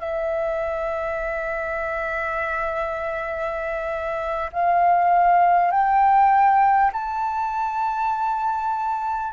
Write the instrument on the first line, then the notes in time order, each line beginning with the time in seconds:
flute
0.00 E5
4.53 F5
5.72 G5
6.93 A5